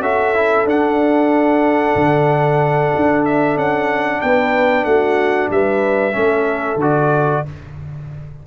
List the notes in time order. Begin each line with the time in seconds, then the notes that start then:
0.00 C#4 F#4 A4 E5
0.34 E4
0.65 D4 F#5
1.95 D3
2.96 D4
3.25 E5
3.56 C#4 F#5
4.21 B3 B4 G5
4.84 A3 F#4 F#5
5.50 G3 B4 E5
6.12 A3 C#4 A4
6.76 D3 F#4
6.82 D5